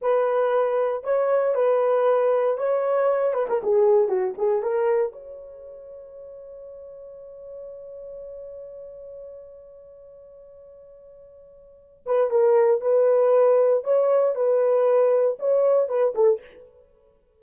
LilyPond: \new Staff \with { instrumentName = "horn" } { \time 4/4 \tempo 4 = 117 b'2 cis''4 b'4~ | b'4 cis''4. b'16 ais'16 gis'4 | fis'8 gis'8 ais'4 cis''2~ | cis''1~ |
cis''1~ | cis''2.~ cis''8 b'8 | ais'4 b'2 cis''4 | b'2 cis''4 b'8 a'8 | }